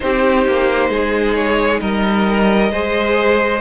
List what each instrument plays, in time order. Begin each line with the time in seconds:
0.00 cello C4, viola D#4, violin G4 C5
0.47 cello A#3
0.89 cello G#3, violin G#4
1.34 violin C#5
1.80 cello G3, violin A#4 D#5
2.71 cello G#3, viola G#4, violin C5